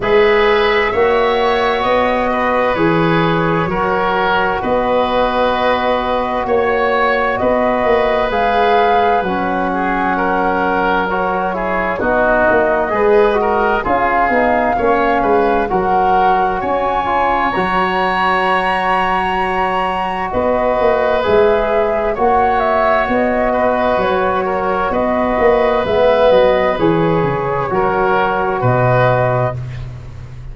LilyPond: <<
  \new Staff \with { instrumentName = "flute" } { \time 4/4 \tempo 4 = 65 e''2 dis''4 cis''4~ | cis''4 dis''2 cis''4 | dis''4 f''4 fis''2 | cis''4 dis''2 f''4~ |
f''4 fis''4 gis''4 ais''4~ | ais''2 dis''4 e''4 | fis''8 e''8 dis''4 cis''4 dis''4 | e''8 dis''8 cis''2 dis''4 | }
  \new Staff \with { instrumentName = "oboe" } { \time 4/4 b'4 cis''4. b'4. | ais'4 b'2 cis''4 | b'2~ b'8 gis'8 ais'4~ | ais'8 gis'8 fis'4 b'8 ais'8 gis'4 |
cis''8 b'8 ais'4 cis''2~ | cis''2 b'2 | cis''4. b'4 ais'8 b'4~ | b'2 ais'4 b'4 | }
  \new Staff \with { instrumentName = "trombone" } { \time 4/4 gis'4 fis'2 gis'4 | fis'1~ | fis'4 gis'4 cis'2 | fis'8 e'8 dis'4 gis'8 fis'8 f'8 dis'8 |
cis'4 fis'4. f'8 fis'4~ | fis'2. gis'4 | fis'1 | b4 gis'4 fis'2 | }
  \new Staff \with { instrumentName = "tuba" } { \time 4/4 gis4 ais4 b4 e4 | fis4 b2 ais4 | b8 ais8 gis4 fis2~ | fis4 b8 ais8 gis4 cis'8 b8 |
ais8 gis8 fis4 cis'4 fis4~ | fis2 b8 ais8 gis4 | ais4 b4 fis4 b8 ais8 | gis8 fis8 e8 cis8 fis4 b,4 | }
>>